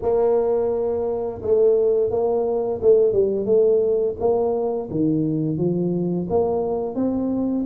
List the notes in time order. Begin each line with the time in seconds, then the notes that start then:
0.02 A#3
1.41 A3
2.10 A#3
2.82 A3
3.12 G3
3.45 A3
4.19 A#3
4.90 D#3
5.57 F3
6.29 A#3
6.95 C4